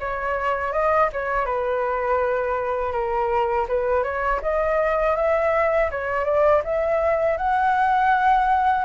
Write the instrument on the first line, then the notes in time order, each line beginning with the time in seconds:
flute
0.00 C#5
0.72 D#5
1.13 C#5
1.45 B4
2.92 A#4
3.68 B4
4.03 C#5
4.42 D#5
5.16 E5
5.91 C#5
6.25 D5
6.64 E5
7.37 F#5